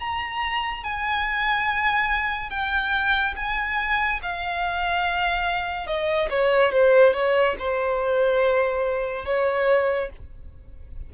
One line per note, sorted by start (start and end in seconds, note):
0.00 0.84 A#5
0.84 2.50 G#5
2.50 3.35 G5
3.36 4.21 G#5
4.23 5.87 F5
5.87 6.29 D#5
6.30 6.72 C#5
6.72 7.14 C5
7.14 7.56 C#5
7.59 9.26 C5
9.26 10.10 C#5